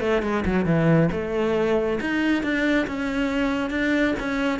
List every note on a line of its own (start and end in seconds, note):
0.00 0.22 A3
0.22 0.44 G#3
0.45 0.65 F#3
0.65 1.09 E3
1.11 1.99 A3
2.00 2.43 D#4
2.43 2.86 D4
2.87 3.70 C#4
3.70 4.14 D4
4.19 4.59 C#4